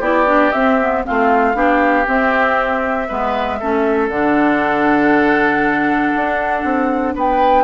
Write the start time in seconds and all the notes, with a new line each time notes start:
0.00 B3 E4 G4 D5
0.27 D4
0.52 C4 E5
0.80 B3
1.05 A3 C4 F4 F5
1.54 B3 D4 G4
2.06 C4 E5
3.08 G#3 B3 B4
3.60 A3 C#4 A4
4.09 D3 D4 F#5
6.15 D4
6.64 C4
7.15 B3 B4 G5